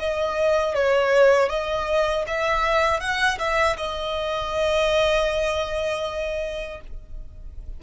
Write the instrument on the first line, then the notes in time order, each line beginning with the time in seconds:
violin
0.00 D#5
0.75 C#5
1.49 D#5
2.28 E5
3.00 F#5
3.39 E5
3.77 D#5